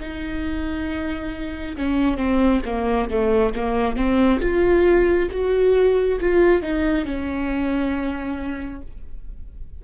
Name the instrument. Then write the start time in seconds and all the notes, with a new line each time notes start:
viola
0.00 D#4
1.77 C#4
2.17 C4
2.66 A#3
3.10 A3
3.55 A#3
3.96 C4
4.41 F4
5.31 F#4
6.20 F4
6.62 D#4
7.05 C#4